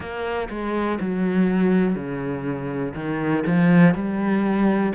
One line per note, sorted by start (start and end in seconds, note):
0.00 0.49 A#3
0.49 0.98 G#3
1.00 1.94 F#3
1.94 2.93 C#3
2.94 3.43 D#3
3.46 3.94 F3
3.94 4.92 G3